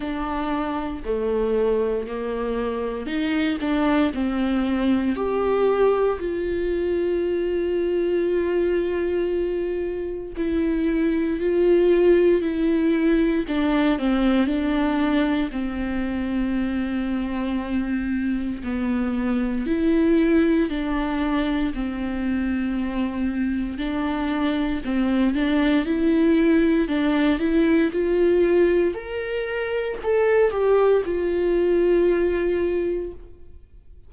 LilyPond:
\new Staff \with { instrumentName = "viola" } { \time 4/4 \tempo 4 = 58 d'4 a4 ais4 dis'8 d'8 | c'4 g'4 f'2~ | f'2 e'4 f'4 | e'4 d'8 c'8 d'4 c'4~ |
c'2 b4 e'4 | d'4 c'2 d'4 | c'8 d'8 e'4 d'8 e'8 f'4 | ais'4 a'8 g'8 f'2 | }